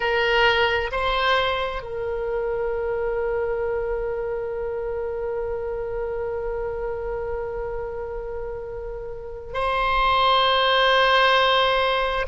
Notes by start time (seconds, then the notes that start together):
0.00 A#4
0.91 C5
1.82 A#4
9.53 C5